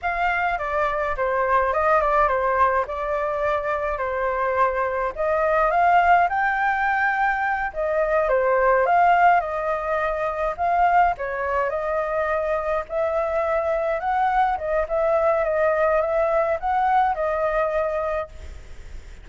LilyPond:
\new Staff \with { instrumentName = "flute" } { \time 4/4 \tempo 4 = 105 f''4 d''4 c''4 dis''8 d''8 | c''4 d''2 c''4~ | c''4 dis''4 f''4 g''4~ | g''4. dis''4 c''4 f''8~ |
f''8 dis''2 f''4 cis''8~ | cis''8 dis''2 e''4.~ | e''8 fis''4 dis''8 e''4 dis''4 | e''4 fis''4 dis''2 | }